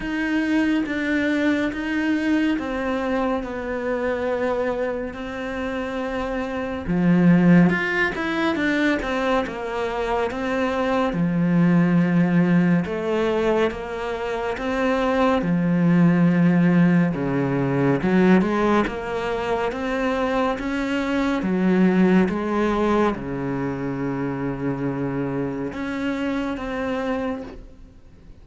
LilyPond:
\new Staff \with { instrumentName = "cello" } { \time 4/4 \tempo 4 = 70 dis'4 d'4 dis'4 c'4 | b2 c'2 | f4 f'8 e'8 d'8 c'8 ais4 | c'4 f2 a4 |
ais4 c'4 f2 | cis4 fis8 gis8 ais4 c'4 | cis'4 fis4 gis4 cis4~ | cis2 cis'4 c'4 | }